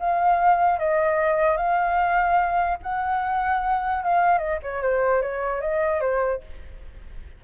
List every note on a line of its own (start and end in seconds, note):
0.00 0.79 F5
0.79 1.57 D#5
1.57 2.78 F5
2.83 4.03 F#5
4.03 4.38 F5
4.38 4.59 D#5
4.63 4.82 C#5
4.82 5.22 C5
5.22 5.61 C#5
5.61 6.01 D#5
6.01 6.41 C5